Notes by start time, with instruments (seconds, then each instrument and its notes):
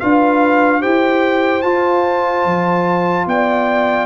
0.00 tuba D4, trombone F4, horn B4, trumpet F5
0.81 tuba E4, trombone G4, horn C5, trumpet G5
1.62 trombone F4, tuba F4, trumpet A5
2.45 tuba F3
3.27 tuba B3, horn D5, trumpet G5